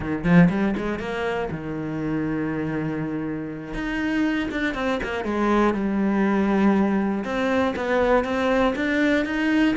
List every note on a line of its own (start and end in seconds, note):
0.00 0.24 D#3
0.24 0.49 F3
0.49 0.74 G3
0.76 0.99 G#3
0.99 1.49 A#3
1.50 3.74 D#3
3.74 4.49 D#4
4.51 4.74 D4
4.74 4.99 C4
5.02 5.24 A#3
5.24 5.74 G#3
5.74 7.24 G3
7.24 7.74 C4
7.75 8.24 B3
8.24 8.74 C4
8.75 9.25 D4
9.25 9.75 D#4